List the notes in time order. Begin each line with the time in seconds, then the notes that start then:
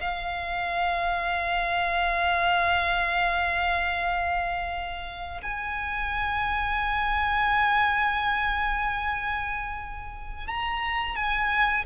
0.00 F5
5.42 G#5
10.47 A#5
11.15 G#5